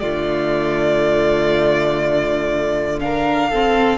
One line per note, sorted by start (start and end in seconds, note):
0.00 3.99 D3
0.00 3.00 A3
0.00 3.02 F4
0.00 3.00 D5
3.00 3.50 D4
3.00 3.50 A#4
3.00 3.99 F5
3.50 3.99 C4
3.50 3.99 A4